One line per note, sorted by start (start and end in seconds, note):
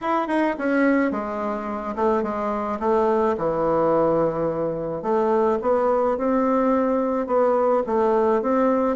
0.01 0.27 E4
0.27 0.55 D#4
0.58 1.11 C#4
1.11 1.95 G#3
1.95 2.23 A3
2.23 2.79 G#3
2.79 3.35 A3
3.37 5.02 E3
5.02 5.58 A3
5.61 6.17 B3
6.17 7.26 C4
7.26 7.82 B3
7.86 8.41 A3
8.41 8.96 C4